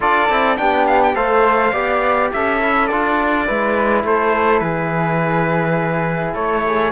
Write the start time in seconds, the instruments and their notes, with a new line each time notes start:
0.00 cello D4, trombone F4, flute A4, trumpet D5
0.29 cello C4, trombone E4
0.57 cello B3, trombone D4, flute G4, trumpet G5
0.87 trumpet F5
1.03 trumpet G5
1.14 cello A3, trombone A4, flute C5, trumpet F5
1.72 cello B3, trombone G4, flute D5
2.32 cello C#4, flute A4, trumpet E5
2.60 trombone E4
2.87 cello D4, trombone F4, trumpet D5
3.46 cello G#3, trombone E4, flute B4
4.03 cello A3, flute A4, trumpet C5
4.59 cello E3, flute G#4, trumpet B4
6.34 cello A3, flute A4, trumpet C#5
6.65 flute G#4